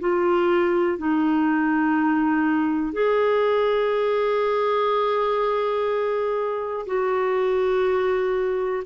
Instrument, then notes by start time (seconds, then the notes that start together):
clarinet
0.00 F4
0.98 D#4
2.93 G#4
6.87 F#4